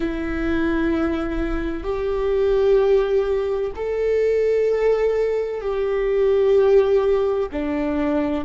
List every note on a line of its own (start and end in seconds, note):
0.00 1.83 E4
1.83 3.71 G4
3.75 5.61 A4
5.61 7.48 G4
7.52 8.44 D4